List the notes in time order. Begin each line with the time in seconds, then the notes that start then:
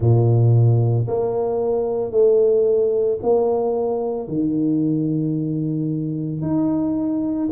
0.00 A#2
1.07 A#3
2.11 A3
3.22 A#3
4.28 D#3
6.41 D#4